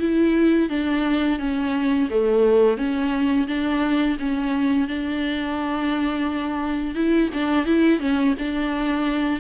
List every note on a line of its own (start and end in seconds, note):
0.00 0.70 E4
0.70 1.40 D4
1.40 2.09 C#4
2.10 2.77 A3
2.77 3.47 C#4
3.48 4.18 D4
4.20 4.88 C#4
4.88 6.95 D4
6.95 7.30 E4
7.34 7.66 D4
7.66 8.00 E4
8.00 8.35 C#4
8.39 9.40 D4